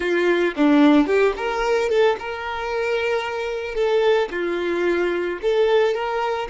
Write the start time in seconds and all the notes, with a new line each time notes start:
0.00 F4
0.56 D4
1.06 G4
1.36 A#4
1.89 A4
2.19 A#4
3.74 A4
4.31 F4
5.42 A4
5.94 A#4